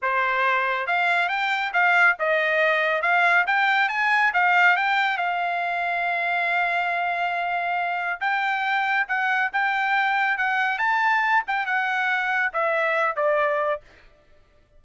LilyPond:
\new Staff \with { instrumentName = "trumpet" } { \time 4/4 \tempo 4 = 139 c''2 f''4 g''4 | f''4 dis''2 f''4 | g''4 gis''4 f''4 g''4 | f''1~ |
f''2. g''4~ | g''4 fis''4 g''2 | fis''4 a''4. g''8 fis''4~ | fis''4 e''4. d''4. | }